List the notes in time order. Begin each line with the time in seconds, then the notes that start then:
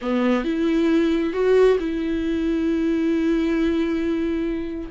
0.01 B3
0.44 E4
1.33 F#4
1.79 E4